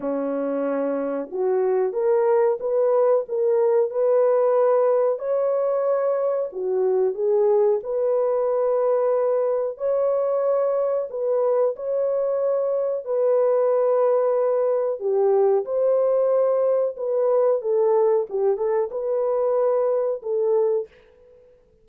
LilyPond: \new Staff \with { instrumentName = "horn" } { \time 4/4 \tempo 4 = 92 cis'2 fis'4 ais'4 | b'4 ais'4 b'2 | cis''2 fis'4 gis'4 | b'2. cis''4~ |
cis''4 b'4 cis''2 | b'2. g'4 | c''2 b'4 a'4 | g'8 a'8 b'2 a'4 | }